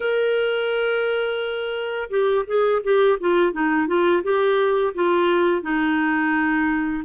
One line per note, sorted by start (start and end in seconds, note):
0.00 2.09 A#4
2.10 2.45 G4
2.46 2.82 G#4
2.83 3.18 G4
3.20 3.52 F4
3.52 3.87 D#4
3.87 4.22 F4
4.23 4.93 G4
4.94 5.61 F4
5.61 7.03 D#4